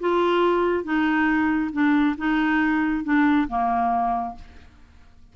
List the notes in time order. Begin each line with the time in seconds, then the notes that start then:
0.00 F4
0.84 D#4
1.72 D4
2.18 D#4
3.04 D4
3.48 A#3